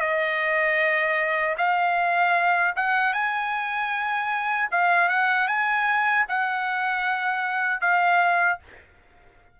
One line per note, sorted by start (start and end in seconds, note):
0.00 1.56 D#5
1.58 2.74 F5
2.76 3.13 F#5
3.13 4.69 G#5
4.71 5.09 F5
5.09 5.48 F#5
5.48 6.26 G#5
6.29 7.81 F#5
7.81 8.59 F5